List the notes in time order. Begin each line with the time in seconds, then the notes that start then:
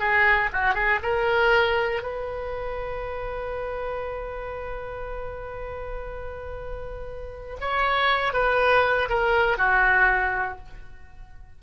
0.00 G#4
0.53 F#4
0.75 G#4
1.03 A#4
2.03 B4
7.61 C#5
8.34 B4
9.09 A#4
9.58 F#4